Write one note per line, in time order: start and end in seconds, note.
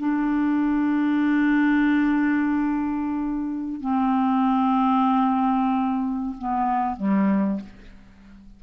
0.00 3.81 D4
3.81 6.36 C4
6.39 6.97 B3
6.97 7.61 G3